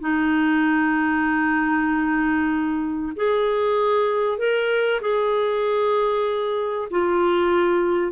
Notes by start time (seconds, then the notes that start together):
0.00 D#4
3.16 G#4
4.38 A#4
5.01 G#4
6.90 F4